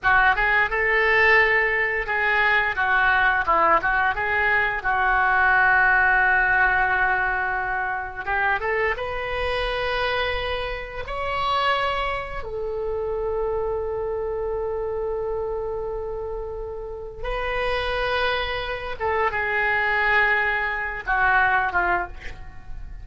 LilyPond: \new Staff \with { instrumentName = "oboe" } { \time 4/4 \tempo 4 = 87 fis'8 gis'8 a'2 gis'4 | fis'4 e'8 fis'8 gis'4 fis'4~ | fis'1 | g'8 a'8 b'2. |
cis''2 a'2~ | a'1~ | a'4 b'2~ b'8 a'8 | gis'2~ gis'8 fis'4 f'8 | }